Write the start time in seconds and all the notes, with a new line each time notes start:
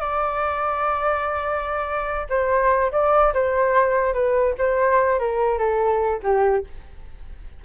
0.00 D5
2.30 C5
2.92 D5
3.34 C5
4.14 B4
4.58 C5
5.19 A#4
5.58 A4
6.23 G4